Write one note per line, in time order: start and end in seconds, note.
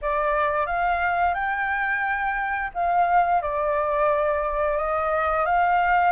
0.01 0.66 D5
0.66 1.34 F5
1.34 2.70 G5
2.74 3.41 F5
3.41 4.77 D5
4.77 5.45 D#5
5.45 6.12 F5